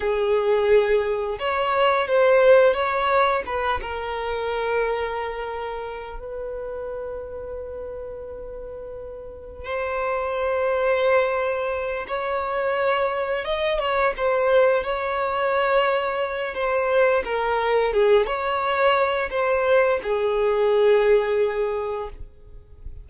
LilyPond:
\new Staff \with { instrumentName = "violin" } { \time 4/4 \tempo 4 = 87 gis'2 cis''4 c''4 | cis''4 b'8 ais'2~ ais'8~ | ais'4 b'2.~ | b'2 c''2~ |
c''4. cis''2 dis''8 | cis''8 c''4 cis''2~ cis''8 | c''4 ais'4 gis'8 cis''4. | c''4 gis'2. | }